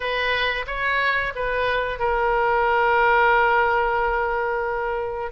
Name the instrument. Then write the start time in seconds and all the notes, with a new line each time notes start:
oboe
0.00 B4
0.66 C#5
1.35 B4
1.99 A#4